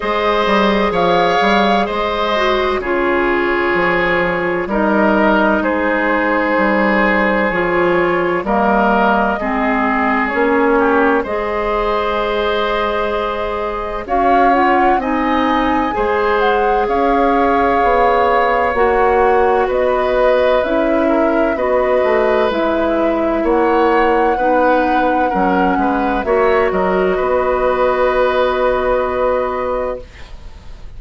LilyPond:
<<
  \new Staff \with { instrumentName = "flute" } { \time 4/4 \tempo 4 = 64 dis''4 f''4 dis''4 cis''4~ | cis''4 dis''4 c''2 | cis''4 dis''2 cis''4 | dis''2. f''8 fis''8 |
gis''4. fis''8 f''2 | fis''4 dis''4 e''4 dis''4 | e''4 fis''2. | e''8 dis''2.~ dis''8 | }
  \new Staff \with { instrumentName = "oboe" } { \time 4/4 c''4 cis''4 c''4 gis'4~ | gis'4 ais'4 gis'2~ | gis'4 ais'4 gis'4. g'8 | c''2. cis''4 |
dis''4 c''4 cis''2~ | cis''4 b'4. ais'8 b'4~ | b'4 cis''4 b'4 ais'8 b'8 | cis''8 ais'8 b'2. | }
  \new Staff \with { instrumentName = "clarinet" } { \time 4/4 gis'2~ gis'8 fis'8 f'4~ | f'4 dis'2. | f'4 ais4 c'4 cis'4 | gis'2. fis'8 f'8 |
dis'4 gis'2. | fis'2 e'4 fis'4 | e'2 dis'4 cis'4 | fis'1 | }
  \new Staff \with { instrumentName = "bassoon" } { \time 4/4 gis8 g8 f8 g8 gis4 cis4 | f4 g4 gis4 g4 | f4 g4 gis4 ais4 | gis2. cis'4 |
c'4 gis4 cis'4 b4 | ais4 b4 cis'4 b8 a8 | gis4 ais4 b4 fis8 gis8 | ais8 fis8 b2. | }
>>